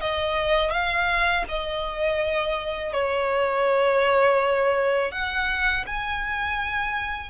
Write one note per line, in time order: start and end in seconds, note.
0.00 0.71 D#5
0.71 1.44 F5
1.48 2.93 D#5
2.93 5.12 C#5
5.12 5.85 F#5
5.86 7.30 G#5